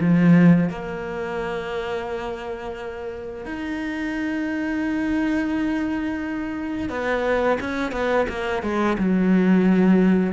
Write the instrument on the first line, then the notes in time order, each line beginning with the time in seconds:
cello
0.00 F3
0.69 A#3
3.45 D#4
6.89 B3
7.60 C#4
7.92 B3
8.28 A#3
8.62 G#3
8.98 F#3